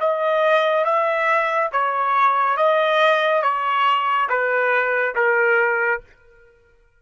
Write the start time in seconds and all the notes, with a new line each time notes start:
0.00 D#5
0.85 E5
1.72 C#5
2.56 D#5
3.42 C#5
4.29 B4
5.15 A#4